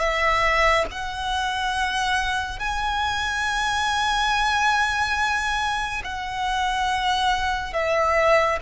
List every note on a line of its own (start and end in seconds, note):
0.00 0.86 E5
0.92 2.60 F#5
2.60 6.03 G#5
6.04 7.74 F#5
7.74 8.59 E5